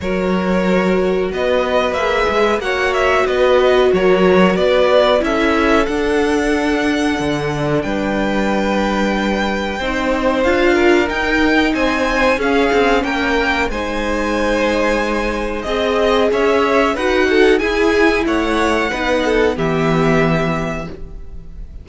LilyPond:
<<
  \new Staff \with { instrumentName = "violin" } { \time 4/4 \tempo 4 = 92 cis''2 dis''4 e''4 | fis''8 e''8 dis''4 cis''4 d''4 | e''4 fis''2. | g''1 |
f''4 g''4 gis''4 f''4 | g''4 gis''2. | dis''4 e''4 fis''4 gis''4 | fis''2 e''2 | }
  \new Staff \with { instrumentName = "violin" } { \time 4/4 ais'2 b'2 | cis''4 b'4 ais'4 b'4 | a'1 | b'2. c''4~ |
c''8 ais'4. c''4 gis'4 | ais'4 c''2. | dis''4 cis''4 b'8 a'8 gis'4 | cis''4 b'8 a'8 g'2 | }
  \new Staff \with { instrumentName = "viola" } { \time 4/4 fis'2. gis'4 | fis'1 | e'4 d'2.~ | d'2. dis'4 |
f'4 dis'2 cis'4~ | cis'4 dis'2. | gis'2 fis'4 e'4~ | e'4 dis'4 b2 | }
  \new Staff \with { instrumentName = "cello" } { \time 4/4 fis2 b4 ais8 gis8 | ais4 b4 fis4 b4 | cis'4 d'2 d4 | g2. c'4 |
d'4 dis'4 c'4 cis'8 c'8 | ais4 gis2. | c'4 cis'4 dis'4 e'4 | a4 b4 e2 | }
>>